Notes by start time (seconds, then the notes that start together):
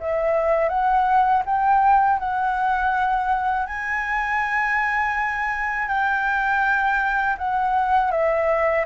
0.00 E5
0.69 F#5
1.46 G5
2.19 F#5
3.66 G#5
5.88 G5
7.38 F#5
8.11 E5